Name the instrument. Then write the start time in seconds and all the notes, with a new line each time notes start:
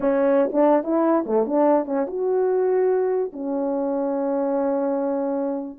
horn
0.00 C#4
0.52 D4
0.83 E4
1.25 A3
1.46 D4
1.85 C#4
2.07 F#4
3.32 C#4